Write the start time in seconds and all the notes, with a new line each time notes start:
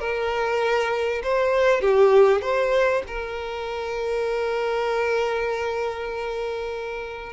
0.00 A#4
1.24 C5
1.81 G4
2.42 C5
3.08 A#4